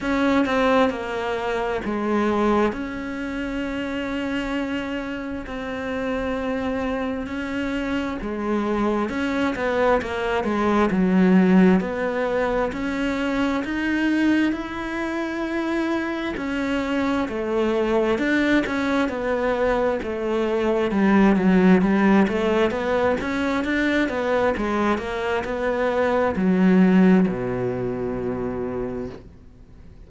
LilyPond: \new Staff \with { instrumentName = "cello" } { \time 4/4 \tempo 4 = 66 cis'8 c'8 ais4 gis4 cis'4~ | cis'2 c'2 | cis'4 gis4 cis'8 b8 ais8 gis8 | fis4 b4 cis'4 dis'4 |
e'2 cis'4 a4 | d'8 cis'8 b4 a4 g8 fis8 | g8 a8 b8 cis'8 d'8 b8 gis8 ais8 | b4 fis4 b,2 | }